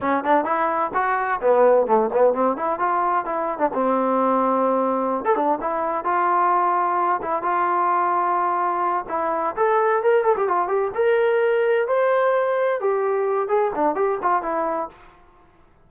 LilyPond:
\new Staff \with { instrumentName = "trombone" } { \time 4/4 \tempo 4 = 129 cis'8 d'8 e'4 fis'4 b4 | a8 b8 c'8 e'8 f'4 e'8. d'16 | c'2.~ c'16 a'16 d'8 | e'4 f'2~ f'8 e'8 |
f'2.~ f'8 e'8~ | e'8 a'4 ais'8 a'16 g'16 f'8 g'8 ais'8~ | ais'4. c''2 g'8~ | g'4 gis'8 d'8 g'8 f'8 e'4 | }